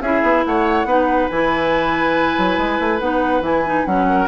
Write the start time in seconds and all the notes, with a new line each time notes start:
0.00 C#4 E4 G#4 E5
0.22 B3
0.45 A3 C#5 F#5
0.84 B3 D#4 B4
1.29 E3 E4 G#5
2.37 F#3
2.57 G#3
2.79 A3
2.99 B3 D#4 F#5
3.41 E3 E4 G#5
3.65 D#4
3.85 F#3 C#4 F#5
4.09 A#4